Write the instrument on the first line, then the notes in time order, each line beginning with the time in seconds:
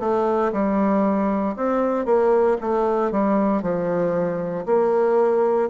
bassoon
0.00 A3
0.53 G3
1.57 C4
2.05 A#3
2.61 A3
3.11 G3
3.62 F3
4.66 A#3